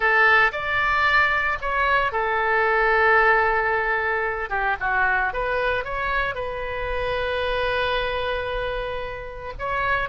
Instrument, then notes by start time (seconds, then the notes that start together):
oboe
0.00 A4
0.52 D5
1.61 C#5
2.12 A4
4.49 G4
4.80 F#4
5.33 B4
5.84 C#5
6.35 B4
9.58 C#5